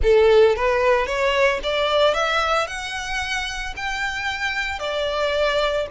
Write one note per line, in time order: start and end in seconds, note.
0.02 0.56 A4
0.56 1.06 B4
1.06 1.60 C#5
1.63 2.14 D5
2.14 2.67 E5
2.67 3.74 F#5
3.76 4.79 G5
4.79 5.86 D5